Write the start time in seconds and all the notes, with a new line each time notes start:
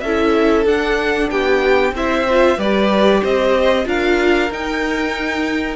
0.00 C#4 E4 A4 E5
0.65 D4 F#5
1.30 B3 G4 G5
1.92 C4 E4 C5 E5
2.30 F4
2.57 G3 G4 B4 D5
3.22 C4 C5 D#5
3.85 D4 F4 A#4 F5
4.50 D#4 G5